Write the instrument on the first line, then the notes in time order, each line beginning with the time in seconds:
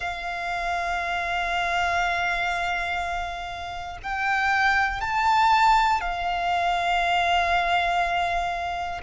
violin
0.00 F5
4.02 G5
5.00 A5
6.00 F5